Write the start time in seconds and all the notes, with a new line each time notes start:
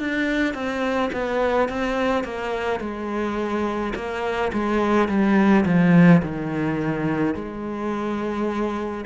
0.00 D4
0.55 C4
1.13 B3
1.69 C4
2.24 A#3
2.80 G#3
3.96 A#3
4.53 G#3
5.09 G3
5.66 F3
6.23 D#3
7.35 G#3